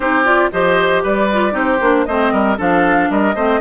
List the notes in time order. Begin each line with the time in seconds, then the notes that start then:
0.00 C4 D#4 G4 C5
0.24 F4 D5
0.51 F3 G4 C5 D#5
1.03 G3 B4 D5
1.32 F4
1.51 C4 D#4 G4
1.57 C5
1.80 A#3 D4
2.05 A3 C4 C5 D#5
2.31 G3 A#4
2.57 F3 D4 A4 F5
3.10 G3 A#4 D#5
3.35 A3 C4 C5